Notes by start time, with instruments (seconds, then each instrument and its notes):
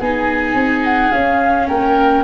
0.00 tuba B3, viola D#4, oboe G#4, flute G#5
0.54 tuba C4
0.84 flute F#5
1.11 viola C#4, tuba C#4, flute F5
1.67 tuba A#3, oboe A#4, flute G5